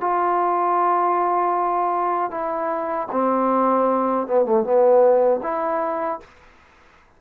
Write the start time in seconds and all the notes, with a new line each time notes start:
0.00 F4
2.30 E4
3.11 C4
4.27 B3
4.45 A3
4.63 B3
5.43 E4